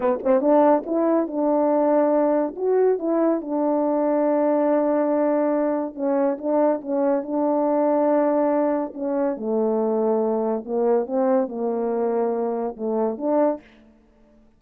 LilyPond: \new Staff \with { instrumentName = "horn" } { \time 4/4 \tempo 4 = 141 b8 c'8 d'4 e'4 d'4~ | d'2 fis'4 e'4 | d'1~ | d'2 cis'4 d'4 |
cis'4 d'2.~ | d'4 cis'4 a2~ | a4 ais4 c'4 ais4~ | ais2 a4 d'4 | }